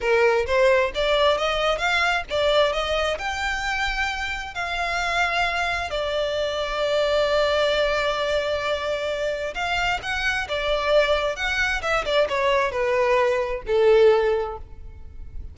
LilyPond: \new Staff \with { instrumentName = "violin" } { \time 4/4 \tempo 4 = 132 ais'4 c''4 d''4 dis''4 | f''4 d''4 dis''4 g''4~ | g''2 f''2~ | f''4 d''2.~ |
d''1~ | d''4 f''4 fis''4 d''4~ | d''4 fis''4 e''8 d''8 cis''4 | b'2 a'2 | }